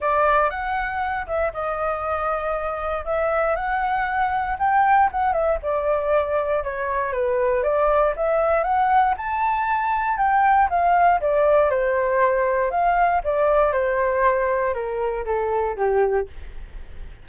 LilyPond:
\new Staff \with { instrumentName = "flute" } { \time 4/4 \tempo 4 = 118 d''4 fis''4. e''8 dis''4~ | dis''2 e''4 fis''4~ | fis''4 g''4 fis''8 e''8 d''4~ | d''4 cis''4 b'4 d''4 |
e''4 fis''4 a''2 | g''4 f''4 d''4 c''4~ | c''4 f''4 d''4 c''4~ | c''4 ais'4 a'4 g'4 | }